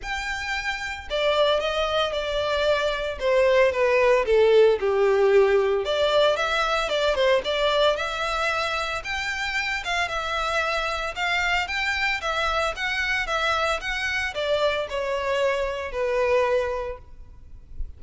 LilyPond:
\new Staff \with { instrumentName = "violin" } { \time 4/4 \tempo 4 = 113 g''2 d''4 dis''4 | d''2 c''4 b'4 | a'4 g'2 d''4 | e''4 d''8 c''8 d''4 e''4~ |
e''4 g''4. f''8 e''4~ | e''4 f''4 g''4 e''4 | fis''4 e''4 fis''4 d''4 | cis''2 b'2 | }